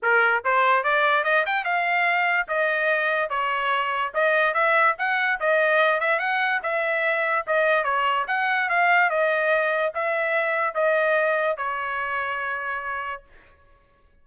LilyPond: \new Staff \with { instrumentName = "trumpet" } { \time 4/4 \tempo 4 = 145 ais'4 c''4 d''4 dis''8 g''8 | f''2 dis''2 | cis''2 dis''4 e''4 | fis''4 dis''4. e''8 fis''4 |
e''2 dis''4 cis''4 | fis''4 f''4 dis''2 | e''2 dis''2 | cis''1 | }